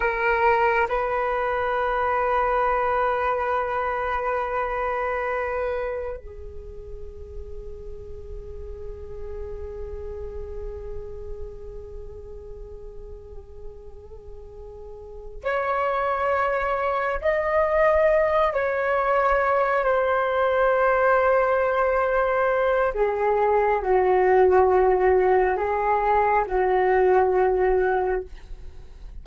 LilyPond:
\new Staff \with { instrumentName = "flute" } { \time 4/4 \tempo 4 = 68 ais'4 b'2.~ | b'2. gis'4~ | gis'1~ | gis'1~ |
gis'4. cis''2 dis''8~ | dis''4 cis''4. c''4.~ | c''2 gis'4 fis'4~ | fis'4 gis'4 fis'2 | }